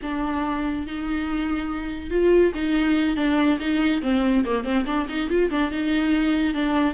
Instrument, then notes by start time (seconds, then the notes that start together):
viola
0.02 D4
0.86 D#4
2.10 F4
2.54 D#4
3.16 D4
3.59 D#4
4.02 C4
4.45 A#3
4.64 C4
4.86 D4
5.08 D#4
5.29 F4
5.50 D4
5.71 D#4
6.54 D4